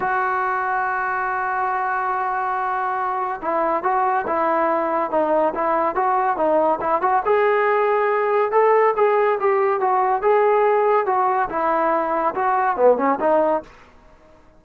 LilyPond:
\new Staff \with { instrumentName = "trombone" } { \time 4/4 \tempo 4 = 141 fis'1~ | fis'1 | e'4 fis'4 e'2 | dis'4 e'4 fis'4 dis'4 |
e'8 fis'8 gis'2. | a'4 gis'4 g'4 fis'4 | gis'2 fis'4 e'4~ | e'4 fis'4 b8 cis'8 dis'4 | }